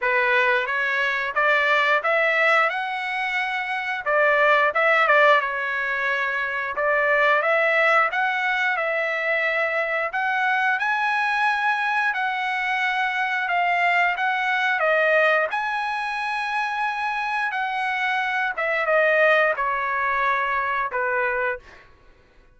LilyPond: \new Staff \with { instrumentName = "trumpet" } { \time 4/4 \tempo 4 = 89 b'4 cis''4 d''4 e''4 | fis''2 d''4 e''8 d''8 | cis''2 d''4 e''4 | fis''4 e''2 fis''4 |
gis''2 fis''2 | f''4 fis''4 dis''4 gis''4~ | gis''2 fis''4. e''8 | dis''4 cis''2 b'4 | }